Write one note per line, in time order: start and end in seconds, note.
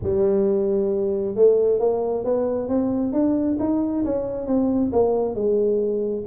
0.02 1.35 G3
1.35 1.79 A3
1.79 2.24 A#3
2.24 2.68 B3
2.68 3.12 C4
3.12 3.57 D4
3.59 4.04 D#4
4.04 4.47 C#4
4.47 4.91 C4
4.92 5.34 A#3
5.34 6.24 G#3